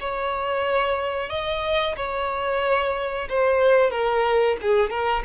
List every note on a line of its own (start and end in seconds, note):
0.00 1.29 C#5
1.29 1.95 D#5
1.96 3.28 C#5
3.29 3.91 C5
3.91 4.56 A#4
4.61 4.90 G#4
4.90 5.23 A#4